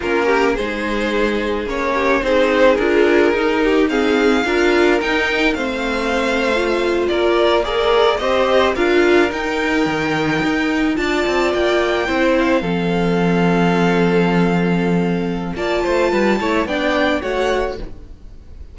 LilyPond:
<<
  \new Staff \with { instrumentName = "violin" } { \time 4/4 \tempo 4 = 108 ais'4 c''2 cis''4 | c''4 ais'2 f''4~ | f''4 g''4 f''2~ | f''8. d''4 ais'4 dis''4 f''16~ |
f''8. g''2. a''16~ | a''8. g''4. f''4.~ f''16~ | f''1 | a''2 g''4 fis''4 | }
  \new Staff \with { instrumentName = "violin" } { \time 4/4 f'8 g'8 gis'2~ gis'8 g'8 | gis'2~ gis'8 g'8 gis'4 | ais'2 c''2~ | c''8. ais'4 d''4 c''4 ais'16~ |
ais'2.~ ais'8. d''16~ | d''4.~ d''16 c''4 a'4~ a'16~ | a'1 | d''8 c''8 b'8 cis''8 d''4 cis''4 | }
  \new Staff \with { instrumentName = "viola" } { \time 4/4 cis'4 dis'2 cis'4 | dis'4 f'4 dis'4 c'4 | f'4 dis'4 c'4.~ c'16 f'16~ | f'4.~ f'16 gis'4 g'4 f'16~ |
f'8. dis'2. f'16~ | f'4.~ f'16 e'4 c'4~ c'16~ | c'1 | f'4. e'8 d'4 fis'4 | }
  \new Staff \with { instrumentName = "cello" } { \time 4/4 ais4 gis2 ais4 | c'4 d'4 dis'2 | d'4 dis'4 a2~ | a8. ais2 c'4 d'16~ |
d'8. dis'4 dis4 dis'4 d'16~ | d'16 c'8 ais4 c'4 f4~ f16~ | f1 | ais8 a8 g8 a8 b4 a4 | }
>>